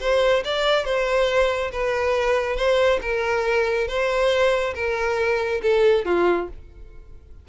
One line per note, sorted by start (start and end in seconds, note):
0.00 0.43 C5
0.44 0.85 D5
0.85 1.71 C5
1.72 2.56 B4
2.56 2.99 C5
3.01 3.87 A#4
3.87 4.74 C5
4.75 5.61 A#4
5.62 6.05 A4
6.05 6.48 F4